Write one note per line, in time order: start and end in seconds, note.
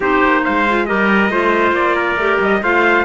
0.00 0.21 C4
0.00 0.67 D#4
0.00 0.43 G4
0.00 0.44 C5
0.24 0.46 A#3
0.44 0.90 G#3
0.44 0.87 C5
0.44 0.86 F5
0.68 0.87 F4
0.86 1.29 G3
0.86 1.30 G4
0.86 1.31 A#4
0.86 1.73 D#5
1.29 1.71 A3
1.29 2.18 F4
1.29 1.95 C5
1.71 2.15 A#3
1.71 2.40 D5
1.95 2.61 A#4
2.16 2.38 A3
2.16 2.62 G4
2.40 2.62 G3
2.40 2.63 D#5
2.62 3.05 A3
2.62 3.05 F4
2.62 3.05 C5
2.62 3.05 F5